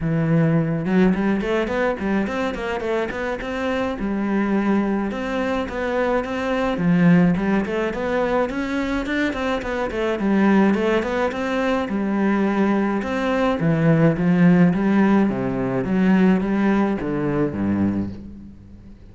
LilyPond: \new Staff \with { instrumentName = "cello" } { \time 4/4 \tempo 4 = 106 e4. fis8 g8 a8 b8 g8 | c'8 ais8 a8 b8 c'4 g4~ | g4 c'4 b4 c'4 | f4 g8 a8 b4 cis'4 |
d'8 c'8 b8 a8 g4 a8 b8 | c'4 g2 c'4 | e4 f4 g4 c4 | fis4 g4 d4 g,4 | }